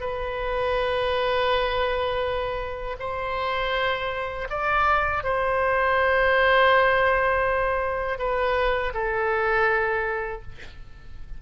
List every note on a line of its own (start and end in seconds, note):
0.00 2.96 B4
2.99 4.47 C5
4.49 5.23 D5
5.23 8.19 C5
8.19 8.93 B4
8.94 10.42 A4